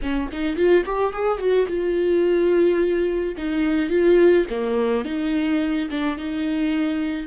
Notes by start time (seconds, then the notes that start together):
0.02 C#4
0.31 D#4
0.56 F4
0.85 G4
1.12 G#4
1.38 F#4
1.67 F4
3.37 D#4
3.89 F4
4.50 A#3
5.04 D#4
5.90 D4
6.17 D#4